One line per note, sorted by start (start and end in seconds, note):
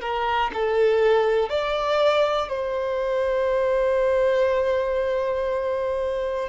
0.00 0.50 A#4
0.53 1.49 A4
1.49 2.48 D5
2.48 6.48 C5